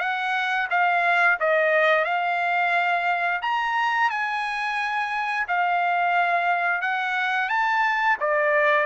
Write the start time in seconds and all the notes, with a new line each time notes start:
0.00 F#5
0.71 F5
1.40 D#5
2.05 F5
3.42 A#5
4.11 G#5
5.48 F5
6.82 F#5
7.49 A5
8.21 D5